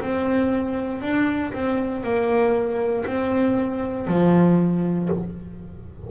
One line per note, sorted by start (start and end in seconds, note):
0.00 1.02 C4
1.02 1.53 D4
1.53 2.03 C4
2.03 3.05 A#3
3.06 4.07 C4
4.07 5.09 F3